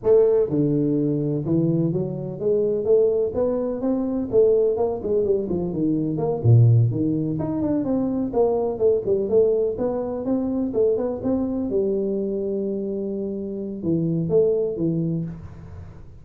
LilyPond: \new Staff \with { instrumentName = "tuba" } { \time 4/4 \tempo 4 = 126 a4 d2 e4 | fis4 gis4 a4 b4 | c'4 a4 ais8 gis8 g8 f8 | dis4 ais8 ais,4 dis4 dis'8 |
d'8 c'4 ais4 a8 g8 a8~ | a8 b4 c'4 a8 b8 c'8~ | c'8 g2.~ g8~ | g4 e4 a4 e4 | }